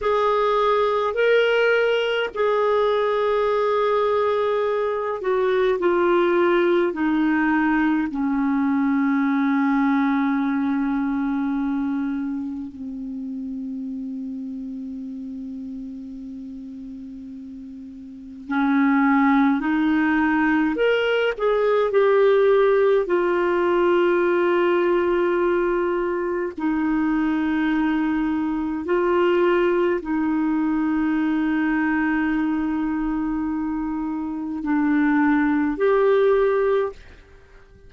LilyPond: \new Staff \with { instrumentName = "clarinet" } { \time 4/4 \tempo 4 = 52 gis'4 ais'4 gis'2~ | gis'8 fis'8 f'4 dis'4 cis'4~ | cis'2. c'4~ | c'1 |
cis'4 dis'4 ais'8 gis'8 g'4 | f'2. dis'4~ | dis'4 f'4 dis'2~ | dis'2 d'4 g'4 | }